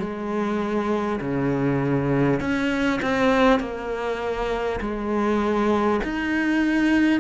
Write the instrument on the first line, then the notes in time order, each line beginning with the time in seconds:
cello
0.00 G#3
1.21 C#3
2.41 C#4
3.02 C4
3.60 A#3
4.81 G#3
6.04 D#4